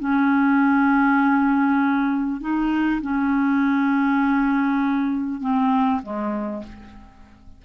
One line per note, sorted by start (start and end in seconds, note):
0.00 2.41 C#4
2.41 3.02 D#4
3.02 5.41 C#4
5.41 6.02 C4
6.03 6.64 G#3